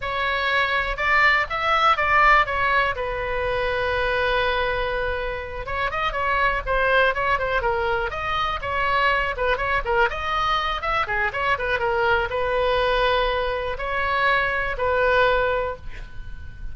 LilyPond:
\new Staff \with { instrumentName = "oboe" } { \time 4/4 \tempo 4 = 122 cis''2 d''4 e''4 | d''4 cis''4 b'2~ | b'2.~ b'8 cis''8 | dis''8 cis''4 c''4 cis''8 c''8 ais'8~ |
ais'8 dis''4 cis''4. b'8 cis''8 | ais'8 dis''4. e''8 gis'8 cis''8 b'8 | ais'4 b'2. | cis''2 b'2 | }